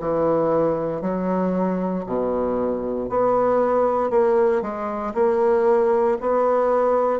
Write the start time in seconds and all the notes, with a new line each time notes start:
0.00 E3
1.02 F#3
2.06 B2
3.09 B3
4.11 A#3
4.62 G#3
5.14 A#3
6.21 B3